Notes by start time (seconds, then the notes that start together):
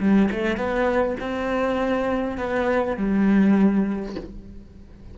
0.00 G3
0.31 A3
0.57 B3
1.20 C4
2.38 B3
2.97 G3